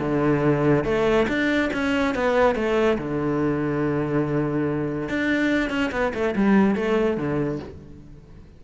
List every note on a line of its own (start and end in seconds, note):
0.00 0.85 D3
0.85 1.27 A3
1.28 1.70 D4
1.73 2.15 C#4
2.15 2.55 B3
2.55 2.98 A3
2.98 5.09 D3
5.09 5.70 D4
5.70 5.91 C#4
5.92 6.13 B3
6.14 6.35 A3
6.36 6.75 G3
6.75 7.17 A3
7.17 7.60 D3